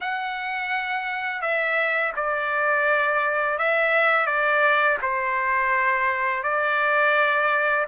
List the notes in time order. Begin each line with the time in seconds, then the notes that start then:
0.01 F#5
1.41 E5
2.16 D5
3.58 E5
4.26 D5
5.02 C5
6.43 D5